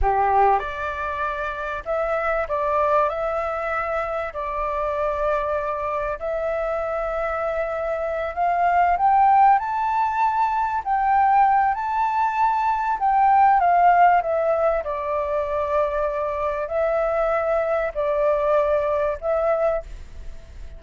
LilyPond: \new Staff \with { instrumentName = "flute" } { \time 4/4 \tempo 4 = 97 g'4 d''2 e''4 | d''4 e''2 d''4~ | d''2 e''2~ | e''4. f''4 g''4 a''8~ |
a''4. g''4. a''4~ | a''4 g''4 f''4 e''4 | d''2. e''4~ | e''4 d''2 e''4 | }